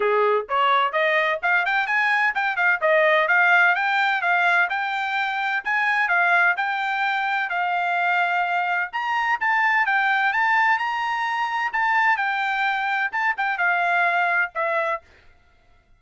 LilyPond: \new Staff \with { instrumentName = "trumpet" } { \time 4/4 \tempo 4 = 128 gis'4 cis''4 dis''4 f''8 g''8 | gis''4 g''8 f''8 dis''4 f''4 | g''4 f''4 g''2 | gis''4 f''4 g''2 |
f''2. ais''4 | a''4 g''4 a''4 ais''4~ | ais''4 a''4 g''2 | a''8 g''8 f''2 e''4 | }